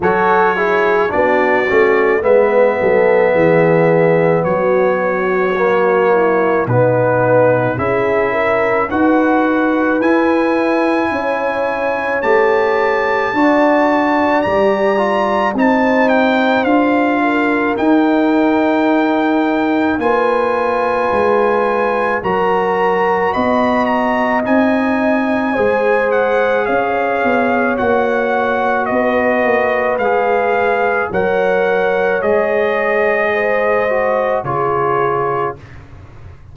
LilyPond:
<<
  \new Staff \with { instrumentName = "trumpet" } { \time 4/4 \tempo 4 = 54 cis''4 d''4 e''2 | cis''2 b'4 e''4 | fis''4 gis''2 a''4~ | a''4 ais''4 a''8 g''8 f''4 |
g''2 gis''2 | ais''4 b''8 ais''8 gis''4. fis''8 | f''4 fis''4 dis''4 f''4 | fis''4 dis''2 cis''4 | }
  \new Staff \with { instrumentName = "horn" } { \time 4/4 a'8 gis'8 fis'4 b'8 a'8 gis'4 | fis'4. e'8 dis'4 gis'8 ais'8 | b'2 cis''2 | d''2 c''4. ais'8~ |
ais'2 b'2 | ais'4 dis''2 c''4 | cis''2 b'2 | cis''2 c''4 gis'4 | }
  \new Staff \with { instrumentName = "trombone" } { \time 4/4 fis'8 e'8 d'8 cis'8 b2~ | b4 ais4 b4 e'4 | fis'4 e'2 g'4 | fis'4 g'8 f'8 dis'4 f'4 |
dis'2 f'2 | fis'2 dis'4 gis'4~ | gis'4 fis'2 gis'4 | ais'4 gis'4. fis'8 f'4 | }
  \new Staff \with { instrumentName = "tuba" } { \time 4/4 fis4 b8 a8 gis8 fis8 e4 | fis2 b,4 cis'4 | dis'4 e'4 cis'4 a4 | d'4 g4 c'4 d'4 |
dis'2 ais4 gis4 | fis4 b4 c'4 gis4 | cis'8 b8 ais4 b8 ais8 gis4 | fis4 gis2 cis4 | }
>>